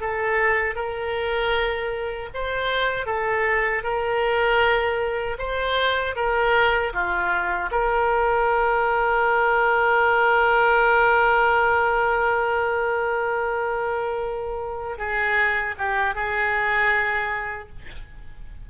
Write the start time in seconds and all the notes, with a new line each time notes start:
0.00 A4
0.75 A#4
2.34 C5
3.06 A4
3.83 A#4
5.38 C5
6.15 A#4
6.93 F4
7.71 A#4
14.98 G#4
15.78 G4
16.14 G#4